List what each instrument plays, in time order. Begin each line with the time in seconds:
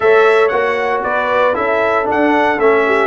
0.00 tuba A3, trombone A4, horn C#5, trumpet E5
0.48 tuba A#3, trombone F#4, trumpet F#5
1.03 tuba B3, horn B4, trumpet D5
1.53 tuba C#4, trombone E4, horn A4, trumpet E5
2.05 trombone D4, tuba D4
2.11 trumpet F#5
2.57 tuba A3, trombone C#4, trumpet E5
2.86 horn G4